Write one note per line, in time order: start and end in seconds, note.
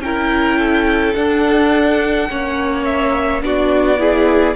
0.00 1.13 C#4
0.00 1.15 E4
0.00 0.59 A#4
0.00 1.14 G5
0.59 2.29 A4
1.14 2.28 D4
1.14 2.29 D4
1.14 2.84 F#5
2.29 3.42 A#3
2.29 3.42 C#4
2.29 3.43 C#5
2.85 3.42 E5
3.42 4.55 B3
3.42 3.98 D4
3.42 4.00 F#4
3.42 4.56 D5
3.98 4.55 E4
3.98 4.56 G#4